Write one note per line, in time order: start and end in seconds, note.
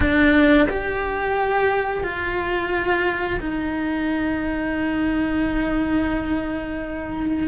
0.00 0.67 D4
0.68 2.03 G4
2.03 3.39 F4
3.40 7.47 D#4